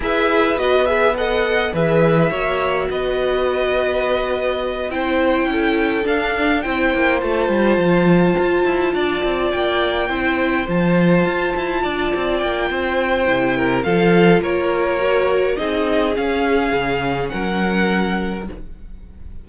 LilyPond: <<
  \new Staff \with { instrumentName = "violin" } { \time 4/4 \tempo 4 = 104 e''4 dis''8 e''8 fis''4 e''4~ | e''4 dis''2.~ | dis''8 g''2 f''4 g''8~ | g''8 a''2.~ a''8~ |
a''8 g''2 a''4.~ | a''4. g''2~ g''8 | f''4 cis''2 dis''4 | f''2 fis''2 | }
  \new Staff \with { instrumentName = "violin" } { \time 4/4 b'2 dis''4 b'4 | cis''4 b'2.~ | b'8 c''4 a'2 c''8~ | c''2.~ c''8 d''8~ |
d''4. c''2~ c''8~ | c''8 d''4. c''4. ais'8 | a'4 ais'2 gis'4~ | gis'2 ais'2 | }
  \new Staff \with { instrumentName = "viola" } { \time 4/4 gis'4 fis'8 gis'8 a'4 gis'4 | fis'1~ | fis'8 e'2 d'4 e'8~ | e'8 f'2.~ f'8~ |
f'4. e'4 f'4.~ | f'2. e'4 | f'2 fis'4 dis'4 | cis'1 | }
  \new Staff \with { instrumentName = "cello" } { \time 4/4 e'4 b2 e4 | ais4 b2.~ | b8 c'4 cis'4 d'4 c'8 | ais8 a8 g8 f4 f'8 e'8 d'8 |
c'8 ais4 c'4 f4 f'8 | e'8 d'8 c'8 ais8 c'4 c4 | f4 ais2 c'4 | cis'4 cis4 fis2 | }
>>